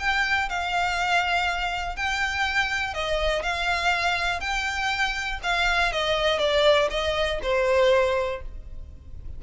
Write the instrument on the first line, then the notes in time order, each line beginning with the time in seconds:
violin
0.00 G5
0.50 F5
1.97 G5
2.95 D#5
3.43 F5
4.41 G5
5.43 F5
5.93 D#5
6.40 D5
6.91 D#5
7.43 C5